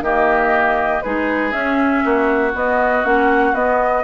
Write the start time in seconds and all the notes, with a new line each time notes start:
0.00 D#3 A#3 G4 D#5
1.01 G#3 D#4 G#4 B4
1.52 C#4 E5
2.04 A#3 F#4
2.54 B3 D#5
3.04 A#3 C#4 F#5
3.53 B3 D#5